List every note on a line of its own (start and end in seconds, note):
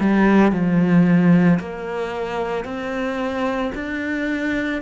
0.00 0.52 G3
0.52 1.59 F3
1.60 2.65 A#3
2.65 3.72 C4
3.75 4.82 D4